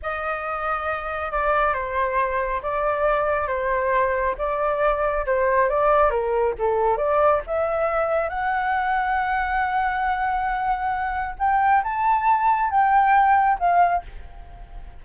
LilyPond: \new Staff \with { instrumentName = "flute" } { \time 4/4 \tempo 4 = 137 dis''2. d''4 | c''2 d''2 | c''2 d''2 | c''4 d''4 ais'4 a'4 |
d''4 e''2 fis''4~ | fis''1~ | fis''2 g''4 a''4~ | a''4 g''2 f''4 | }